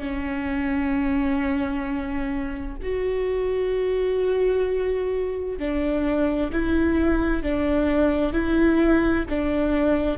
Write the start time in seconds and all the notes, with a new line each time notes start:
0.00 C#4
2.83 F#4
5.59 D4
6.52 E4
7.43 D4
8.33 E4
9.29 D4